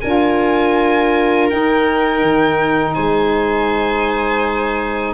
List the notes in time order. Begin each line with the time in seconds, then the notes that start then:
0.00 D4 F4 A#4 G#5
1.49 D#4 G5
2.22 D#3
2.94 G#3 C5 G#5